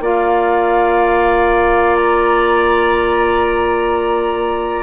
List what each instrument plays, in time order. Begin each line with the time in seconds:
0.00 bassoon A#3, clarinet F4, oboe D5, flute F5
1.97 flute A#5